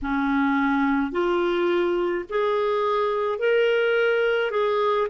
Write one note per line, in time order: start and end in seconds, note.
0.02 1.11 C#4
1.11 2.24 F4
2.29 3.39 G#4
3.39 4.50 A#4
4.50 5.07 G#4